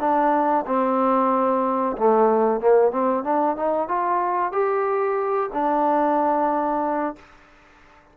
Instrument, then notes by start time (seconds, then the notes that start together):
trombone
0.00 D4
0.66 C4
1.97 A3
2.61 A#3
2.91 C4
3.24 D4
3.56 D#4
3.88 F4
4.52 G4
5.53 D4